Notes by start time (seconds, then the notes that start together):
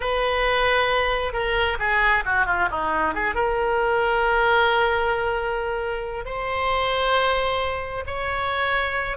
0.00 B4
1.32 A#4
1.79 G#4
2.25 F#4
2.46 F4
2.70 D#4
3.14 G#4
3.34 A#4
6.25 C5
8.06 C#5